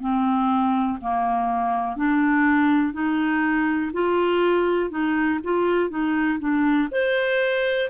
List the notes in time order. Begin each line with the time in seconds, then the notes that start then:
0.00 C4
1.01 A#3
1.96 D4
2.93 D#4
3.93 F4
4.90 D#4
5.44 F4
5.90 D#4
6.39 D4
6.91 C5